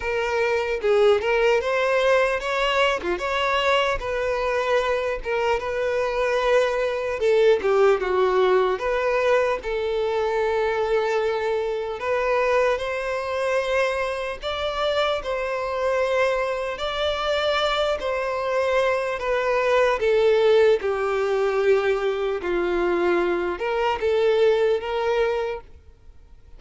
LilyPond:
\new Staff \with { instrumentName = "violin" } { \time 4/4 \tempo 4 = 75 ais'4 gis'8 ais'8 c''4 cis''8. f'16 | cis''4 b'4. ais'8 b'4~ | b'4 a'8 g'8 fis'4 b'4 | a'2. b'4 |
c''2 d''4 c''4~ | c''4 d''4. c''4. | b'4 a'4 g'2 | f'4. ais'8 a'4 ais'4 | }